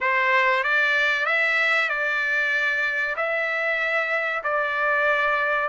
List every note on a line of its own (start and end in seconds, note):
0.00 0.63 C5
0.63 1.25 D5
1.25 1.89 E5
1.89 3.15 D5
3.16 4.42 E5
4.43 5.68 D5